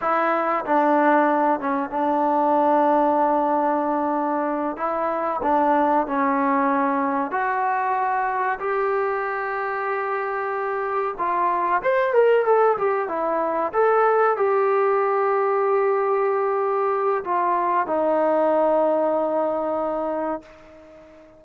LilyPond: \new Staff \with { instrumentName = "trombone" } { \time 4/4 \tempo 4 = 94 e'4 d'4. cis'8 d'4~ | d'2.~ d'8 e'8~ | e'8 d'4 cis'2 fis'8~ | fis'4. g'2~ g'8~ |
g'4. f'4 c''8 ais'8 a'8 | g'8 e'4 a'4 g'4.~ | g'2. f'4 | dis'1 | }